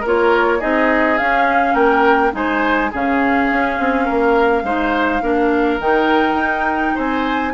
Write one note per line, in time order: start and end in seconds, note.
0.00 0.62 A#3
0.00 0.60 F4
0.00 0.58 A#4
0.07 0.60 C#5
0.59 1.19 C4
0.59 1.18 D#4
0.59 1.73 G#4
0.59 1.18 D#5
1.18 1.74 C#4
1.18 2.32 C#4
1.18 1.74 F5
1.73 2.31 A#3
1.73 2.31 A#4
1.73 2.32 G5
2.32 2.91 G#3
2.32 2.89 D#4
2.32 2.91 C5
2.32 2.92 G#5
2.91 3.51 C#3
2.91 4.65 C#4
2.91 4.05 G#4
2.91 5.81 F5
3.51 3.79 C#4
3.79 4.08 C4
4.05 4.63 A#3
4.05 4.62 A#4
4.63 5.20 G#3
4.63 5.22 D#4
4.63 5.22 C5
5.22 5.79 A#3
5.22 5.79 D4
5.22 6.95 A#4
5.79 6.34 D#3
5.79 7.53 D#4
5.79 6.96 G5
6.34 6.92 D#4
6.95 7.53 C4
6.95 7.53 C5
6.95 7.53 G#5